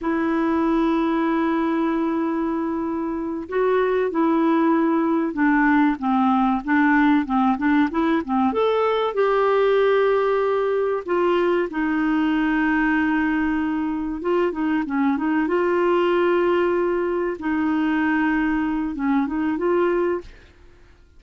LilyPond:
\new Staff \with { instrumentName = "clarinet" } { \time 4/4 \tempo 4 = 95 e'1~ | e'4. fis'4 e'4.~ | e'8 d'4 c'4 d'4 c'8 | d'8 e'8 c'8 a'4 g'4.~ |
g'4. f'4 dis'4.~ | dis'2~ dis'8 f'8 dis'8 cis'8 | dis'8 f'2. dis'8~ | dis'2 cis'8 dis'8 f'4 | }